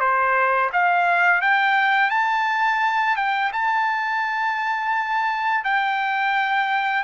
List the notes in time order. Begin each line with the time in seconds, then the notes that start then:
0.00 C5
0.73 F5
1.41 G5
2.10 A5
3.16 G5
3.53 A5
5.64 G5